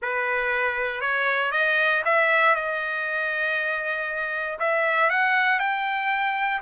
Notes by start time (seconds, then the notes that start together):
0.01 B4
1.00 C#5
1.51 D#5
2.04 E5
2.55 D#5
4.59 E5
5.10 F#5
5.59 G5